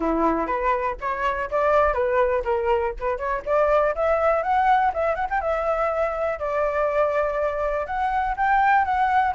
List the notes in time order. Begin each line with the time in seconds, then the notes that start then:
0.00 E4
0.46 B4
1.00 C#5
1.50 D5
1.93 B4
2.44 A#4
2.99 B4
3.17 C#5
3.45 D5
3.95 E5
4.42 F#5
4.93 E5
5.15 F#5
5.30 G5
5.41 E5
6.39 D5
7.86 F#5
8.36 G5
8.84 F#5